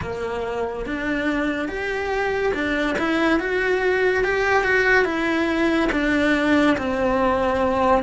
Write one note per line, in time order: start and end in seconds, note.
0.01 0.86 A#3
0.86 1.68 D4
1.68 2.52 G4
2.54 2.96 D4
2.98 3.39 E4
3.39 4.23 F#4
4.23 4.63 G4
4.63 5.04 F#4
5.04 5.89 E4
5.92 6.76 D4
6.77 8.03 C4